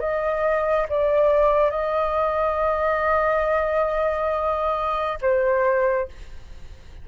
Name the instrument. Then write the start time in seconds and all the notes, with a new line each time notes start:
flute
0.00 D#5
0.89 D5
1.71 D#5
5.22 C5